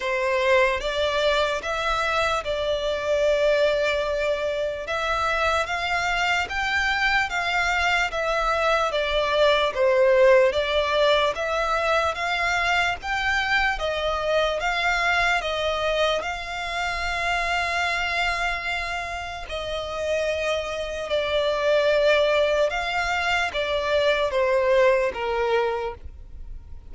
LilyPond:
\new Staff \with { instrumentName = "violin" } { \time 4/4 \tempo 4 = 74 c''4 d''4 e''4 d''4~ | d''2 e''4 f''4 | g''4 f''4 e''4 d''4 | c''4 d''4 e''4 f''4 |
g''4 dis''4 f''4 dis''4 | f''1 | dis''2 d''2 | f''4 d''4 c''4 ais'4 | }